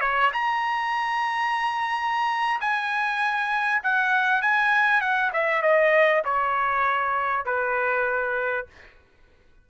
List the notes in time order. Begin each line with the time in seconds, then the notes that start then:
0.00 C#5
0.33 A#5
2.60 G#5
3.83 F#5
4.41 G#5
5.01 F#5
5.33 E5
5.62 D#5
6.24 C#5
7.45 B4